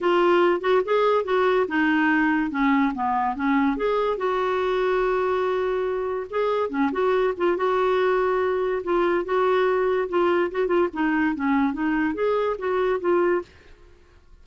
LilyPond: \new Staff \with { instrumentName = "clarinet" } { \time 4/4 \tempo 4 = 143 f'4. fis'8 gis'4 fis'4 | dis'2 cis'4 b4 | cis'4 gis'4 fis'2~ | fis'2. gis'4 |
cis'8 fis'4 f'8 fis'2~ | fis'4 f'4 fis'2 | f'4 fis'8 f'8 dis'4 cis'4 | dis'4 gis'4 fis'4 f'4 | }